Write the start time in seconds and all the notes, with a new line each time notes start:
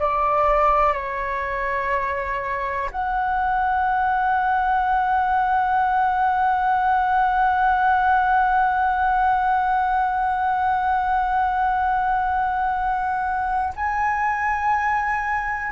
0.00 D5
0.93 C#5
2.92 F#5
13.76 G#5